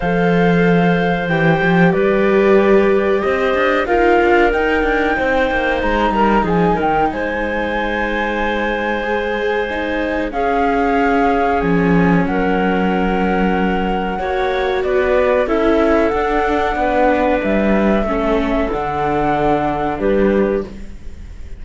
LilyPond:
<<
  \new Staff \with { instrumentName = "flute" } { \time 4/4 \tempo 4 = 93 f''2 g''4 d''4~ | d''4 dis''4 f''4 g''4~ | g''4 ais''4 gis''8 g''8 gis''4~ | gis''1 |
f''2 gis''4 fis''4~ | fis''2. d''4 | e''4 fis''2 e''4~ | e''4 fis''2 b'4 | }
  \new Staff \with { instrumentName = "clarinet" } { \time 4/4 c''2. b'4~ | b'4 c''4 ais'2 | c''4. ais'8 gis'8 ais'8 c''4~ | c''1 |
gis'2. ais'4~ | ais'2 cis''4 b'4 | a'2 b'2 | a'2. g'4 | }
  \new Staff \with { instrumentName = "viola" } { \time 4/4 a'2 g'2~ | g'2 f'4 dis'4~ | dis'1~ | dis'2 gis'4 dis'4 |
cis'1~ | cis'2 fis'2 | e'4 d'2. | cis'4 d'2. | }
  \new Staff \with { instrumentName = "cello" } { \time 4/4 f2 e8 f8 g4~ | g4 c'8 d'8 dis'8 d'8 dis'8 d'8 | c'8 ais8 gis8 g8 f8 dis8 gis4~ | gis1 |
cis'2 f4 fis4~ | fis2 ais4 b4 | cis'4 d'4 b4 g4 | a4 d2 g4 | }
>>